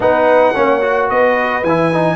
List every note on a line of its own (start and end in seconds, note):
0.00 0.54 B3
0.00 0.54 D#4
0.00 0.54 B4
0.00 1.09 F#5
0.54 1.10 A#3
0.54 0.81 C#4
0.54 1.08 C#5
0.81 1.63 F#4
1.09 1.63 B3
1.09 2.15 B4
1.09 1.64 D#5
1.63 2.15 E3
1.63 1.92 E4
1.63 2.15 G#5
1.92 2.15 D#4